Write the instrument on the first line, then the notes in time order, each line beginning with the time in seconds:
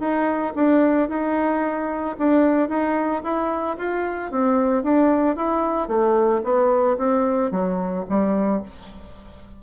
bassoon
0.00 D#4
0.56 D4
1.09 D#4
2.19 D4
2.69 D#4
3.23 E4
3.78 F4
4.31 C4
4.84 D4
5.36 E4
5.89 A3
6.44 B3
6.98 C4
7.51 F#3
8.09 G3